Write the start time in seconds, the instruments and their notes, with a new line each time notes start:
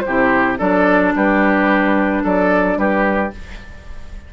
0.00 flute C5
0.06 bassoon C3, clarinet E4, oboe G4
0.58 bassoon F#3, clarinet D4, oboe A4, flute D5
1.15 bassoon G3, oboe G4, flute B4
2.23 bassoon F#3, oboe A4, flute D5
2.77 bassoon G3, oboe G4, flute B4